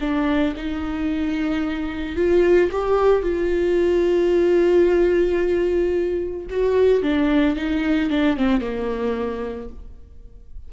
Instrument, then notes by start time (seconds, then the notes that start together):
viola
0.00 D4
0.56 D#4
2.16 F4
2.71 G4
3.22 F4
6.50 F#4
7.02 D4
7.56 D#4
8.10 D4
8.36 C4
8.60 A#3